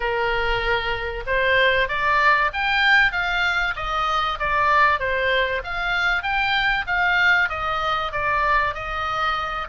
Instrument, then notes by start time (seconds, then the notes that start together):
oboe
0.00 A#4
1.26 C5
1.88 D5
2.53 G5
3.12 F5
3.76 D#5
4.39 D5
4.99 C5
5.64 F5
6.22 G5
6.86 F5
7.49 D#5
8.12 D5
8.74 D#5